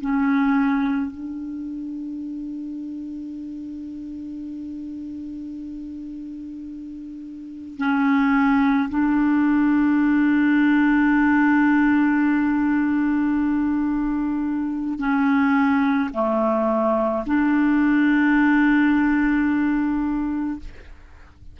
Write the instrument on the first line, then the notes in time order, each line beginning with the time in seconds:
clarinet
0.00 C#4
1.11 D4
7.77 C#4
8.89 D4
14.98 C#4
16.13 A3
17.26 D4